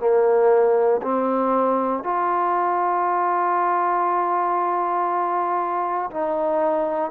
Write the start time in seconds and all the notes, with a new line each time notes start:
0.00 A#3
1.03 C4
2.04 F4
6.11 D#4